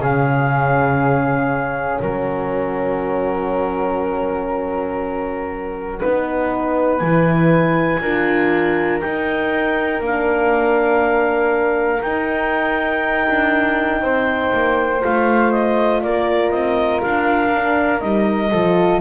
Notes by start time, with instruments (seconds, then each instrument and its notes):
0.00 double bass C#3, horn C#4, flute G#4, clarinet F5
1.99 double bass F#3, flute A#4, clarinet F#5
6.00 double bass B3, horn D#4, flute B4
6.99 double bass E3, horn E4, clarinet G#5
8.01 double bass D4, horn F4, flute A#4
9.01 horn D#4, double bass D#4, clarinet G5
10.00 double bass A#3, horn D4
10.06 clarinet F5
12.02 horn D#4, double bass D#4, clarinet G5
13.28 double bass D4
14.02 double bass C4, flute C5
14.53 double bass A#3
15.01 double bass A3, horn F4, clarinet F5
15.52 clarinet D#5
16.02 double bass A#3, flute A#4, clarinet D5
16.51 double bass C4, clarinet D#5
17.02 double bass D4, clarinet F5
17.54 horn D4
17.99 double bass G3, horn D#4, clarinet D#5
18.50 double bass F3, horn F4, flute A4